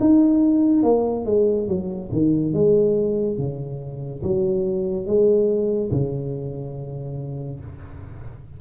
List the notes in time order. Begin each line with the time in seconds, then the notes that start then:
0.00 D#4
0.83 A#3
1.25 G#3
1.67 F#3
2.12 D#3
2.53 G#3
3.38 C#3
4.23 F#3
5.06 G#3
5.91 C#3